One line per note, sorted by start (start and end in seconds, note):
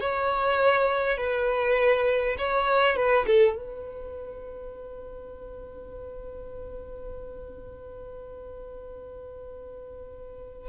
0.00 1.17 C#5
1.17 2.36 B4
2.38 2.96 C#5
2.96 3.26 B4
3.27 3.56 A4
3.56 10.69 B4